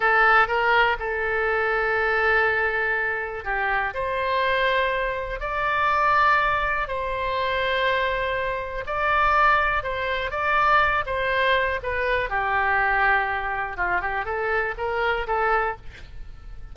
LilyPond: \new Staff \with { instrumentName = "oboe" } { \time 4/4 \tempo 4 = 122 a'4 ais'4 a'2~ | a'2. g'4 | c''2. d''4~ | d''2 c''2~ |
c''2 d''2 | c''4 d''4. c''4. | b'4 g'2. | f'8 g'8 a'4 ais'4 a'4 | }